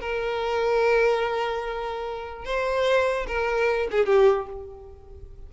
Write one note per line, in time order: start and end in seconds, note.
0.00 2.45 A#4
2.45 3.26 C5
3.27 3.88 A#4
3.91 4.06 G#4
4.06 4.47 G4